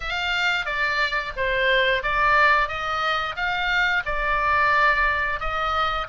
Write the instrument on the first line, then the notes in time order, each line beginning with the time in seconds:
oboe
0.00 F5
0.65 D5
1.36 C5
2.03 D5
2.68 D#5
3.36 F5
4.05 D5
5.39 D#5